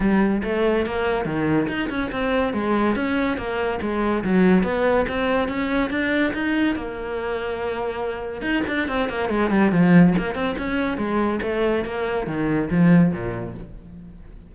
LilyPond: \new Staff \with { instrumentName = "cello" } { \time 4/4 \tempo 4 = 142 g4 a4 ais4 dis4 | dis'8 cis'8 c'4 gis4 cis'4 | ais4 gis4 fis4 b4 | c'4 cis'4 d'4 dis'4 |
ais1 | dis'8 d'8 c'8 ais8 gis8 g8 f4 | ais8 c'8 cis'4 gis4 a4 | ais4 dis4 f4 ais,4 | }